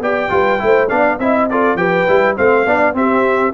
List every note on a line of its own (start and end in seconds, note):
0.00 0.29 B3
0.00 0.30 G4
0.00 0.31 D5
0.00 0.89 G5
0.30 0.61 G3
0.30 0.59 F4
0.30 0.62 B4
0.59 0.91 A3
0.59 0.88 E4
0.65 0.90 C5
0.89 1.19 B3
0.89 1.19 D4
0.89 1.19 D5
0.89 1.19 F5
1.19 1.75 C4
1.19 1.51 E4
1.19 1.52 D#5
1.19 1.49 E5
1.50 1.78 F4
1.50 1.79 A4
1.50 1.77 D5
1.75 2.05 F3
1.75 2.07 G4
1.75 2.37 B4
1.75 2.36 G5
2.08 2.38 G3
2.08 2.37 E4
2.37 2.66 A3
2.37 2.67 C4
2.37 2.66 C5
2.37 2.96 F5
2.66 2.94 B3
2.66 2.94 D4
2.66 2.96 D5
2.94 3.53 C4
2.94 3.54 G4
2.94 3.54 E5